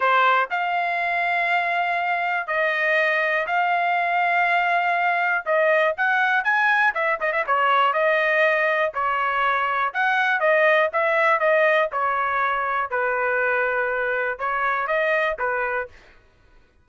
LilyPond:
\new Staff \with { instrumentName = "trumpet" } { \time 4/4 \tempo 4 = 121 c''4 f''2.~ | f''4 dis''2 f''4~ | f''2. dis''4 | fis''4 gis''4 e''8 dis''16 e''16 cis''4 |
dis''2 cis''2 | fis''4 dis''4 e''4 dis''4 | cis''2 b'2~ | b'4 cis''4 dis''4 b'4 | }